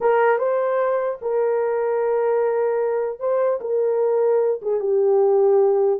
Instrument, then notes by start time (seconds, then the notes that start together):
horn
0.01 A#4
0.38 C5
1.21 A#4
3.19 C5
3.60 A#4
4.62 G#4
4.80 G4